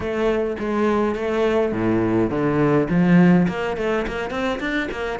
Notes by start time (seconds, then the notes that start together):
0.00 A3
0.59 G#3
1.15 A3
1.72 A2
2.29 D3
2.89 F3
3.47 A#3
3.77 A3
4.07 A#3
4.30 C4
4.60 D4
4.91 A#3